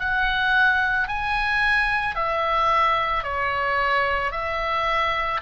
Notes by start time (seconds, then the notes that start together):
0.00 F#5
1.08 G#5
2.15 E5
3.23 C#5
4.31 E5